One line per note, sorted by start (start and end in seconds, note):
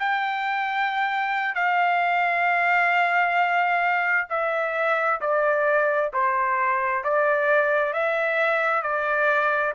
0.00 1.55 G5
1.55 4.28 F5
4.30 5.21 E5
5.21 6.12 D5
6.14 7.05 C5
7.05 7.93 D5
7.93 8.83 E5
8.83 9.74 D5